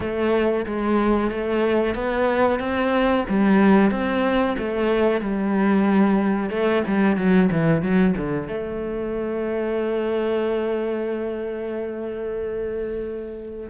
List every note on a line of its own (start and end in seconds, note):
0.00 0.65 A3
0.66 1.30 G#3
1.30 1.94 A3
1.94 2.59 B3
2.59 3.24 C4
3.28 3.90 G3
3.90 4.56 C4
4.58 5.20 A3
5.20 6.50 G3
6.50 6.82 A3
6.87 7.17 G3
7.17 7.49 F#3
7.51 7.82 E3
7.82 8.14 F#3
8.17 8.47 D3
8.47 13.69 A3